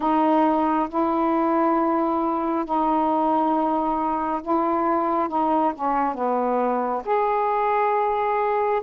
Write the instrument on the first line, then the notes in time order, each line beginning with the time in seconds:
saxophone
0.00 D#4
0.89 E4
2.65 D#4
4.42 E4
5.28 D#4
5.74 C#4
6.14 B3
7.05 G#4